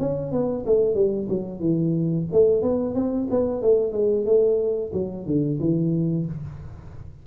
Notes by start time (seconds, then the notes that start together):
0.00 C#4
0.32 B3
0.66 A3
0.95 G3
1.29 F#3
1.60 E3
2.33 A3
2.63 B3
2.95 C4
3.31 B3
3.62 A3
3.93 G#3
4.26 A3
4.94 F#3
5.27 D3
5.60 E3